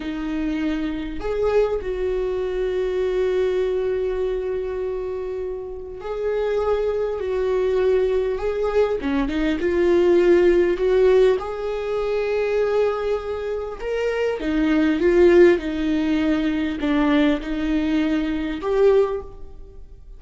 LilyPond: \new Staff \with { instrumentName = "viola" } { \time 4/4 \tempo 4 = 100 dis'2 gis'4 fis'4~ | fis'1~ | fis'2 gis'2 | fis'2 gis'4 cis'8 dis'8 |
f'2 fis'4 gis'4~ | gis'2. ais'4 | dis'4 f'4 dis'2 | d'4 dis'2 g'4 | }